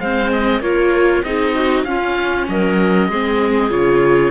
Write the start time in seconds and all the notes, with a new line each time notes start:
0.00 G#3 C4 C5 F5
0.32 D#5
0.61 A#3 F4 A#4 C#5
1.23 C4 D#4 G#4 D#5
1.54 F#4
1.84 C#4 F4 F5
2.48 F#3 A#4 D#5
3.09 G#3 C4 G#4
3.70 C#3 F4 C#5